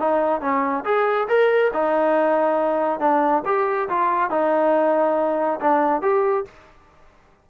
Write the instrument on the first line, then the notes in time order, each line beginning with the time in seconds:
trombone
0.00 D#4
0.41 C#4
0.85 G#4
1.29 A#4
1.74 D#4
3.00 D4
3.46 G4
3.89 F4
4.31 D#4
5.61 D4
6.02 G4